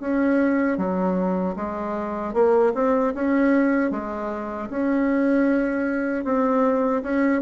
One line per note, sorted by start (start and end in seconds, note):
0.00 0.78 C#4
0.78 1.55 F#3
1.56 2.34 G#3
2.34 2.73 A#3
2.75 3.14 C4
3.15 3.91 C#4
3.91 4.69 G#3
4.70 6.25 C#4
6.25 7.03 C4
7.03 7.42 C#4